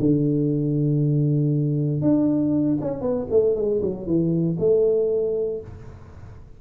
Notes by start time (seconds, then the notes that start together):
0.00 D3
2.02 D4
2.82 C#4
3.01 B3
3.31 A3
3.56 G#3
3.83 F#3
4.07 E3
4.59 A3